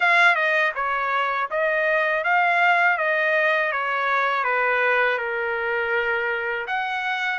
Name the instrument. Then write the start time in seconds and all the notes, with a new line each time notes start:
trumpet
0.00 F5
0.35 D#5
0.75 C#5
1.50 D#5
2.24 F5
2.97 D#5
3.72 C#5
4.44 B4
5.18 A#4
6.67 F#5